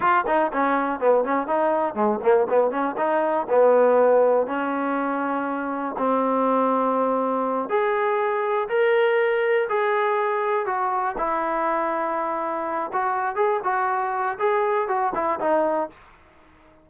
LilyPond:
\new Staff \with { instrumentName = "trombone" } { \time 4/4 \tempo 4 = 121 f'8 dis'8 cis'4 b8 cis'8 dis'4 | gis8 ais8 b8 cis'8 dis'4 b4~ | b4 cis'2. | c'2.~ c'8 gis'8~ |
gis'4. ais'2 gis'8~ | gis'4. fis'4 e'4.~ | e'2 fis'4 gis'8 fis'8~ | fis'4 gis'4 fis'8 e'8 dis'4 | }